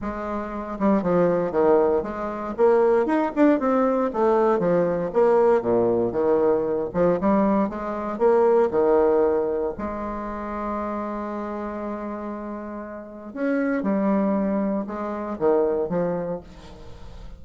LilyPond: \new Staff \with { instrumentName = "bassoon" } { \time 4/4 \tempo 4 = 117 gis4. g8 f4 dis4 | gis4 ais4 dis'8 d'8 c'4 | a4 f4 ais4 ais,4 | dis4. f8 g4 gis4 |
ais4 dis2 gis4~ | gis1~ | gis2 cis'4 g4~ | g4 gis4 dis4 f4 | }